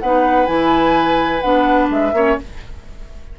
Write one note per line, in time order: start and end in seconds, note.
0.00 0.48 B3
0.00 0.47 D#4
0.00 2.16 B4
0.00 0.47 F#5
0.47 1.42 E3
0.47 1.41 E4
0.47 1.41 G#5
1.41 1.90 B3
1.41 2.15 D4
1.41 1.88 F#5
1.90 2.13 G#3
1.90 2.39 E5
2.13 2.37 A#3
2.13 2.39 C#4
2.13 2.39 C#5